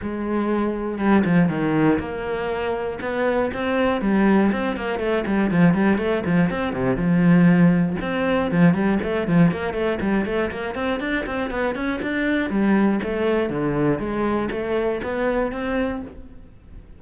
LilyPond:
\new Staff \with { instrumentName = "cello" } { \time 4/4 \tempo 4 = 120 gis2 g8 f8 dis4 | ais2 b4 c'4 | g4 c'8 ais8 a8 g8 f8 g8 | a8 f8 c'8 c8 f2 |
c'4 f8 g8 a8 f8 ais8 a8 | g8 a8 ais8 c'8 d'8 c'8 b8 cis'8 | d'4 g4 a4 d4 | gis4 a4 b4 c'4 | }